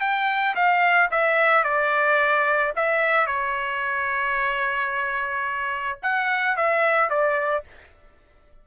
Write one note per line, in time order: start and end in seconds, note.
0.00 0.55 G5
0.55 1.10 F5
1.11 1.64 E5
1.64 2.73 D5
2.75 3.26 E5
3.26 5.99 C#5
6.02 6.57 F#5
6.57 7.10 E5
7.10 7.64 D5